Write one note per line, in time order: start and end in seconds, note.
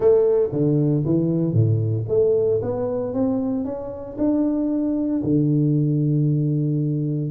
0.00 0.49 A3
0.51 1.04 D3
1.05 1.53 E3
1.53 2.05 A2
2.08 2.60 A3
2.61 3.13 B3
3.13 3.64 C4
3.64 4.16 C#4
4.17 5.22 D4
5.23 7.31 D3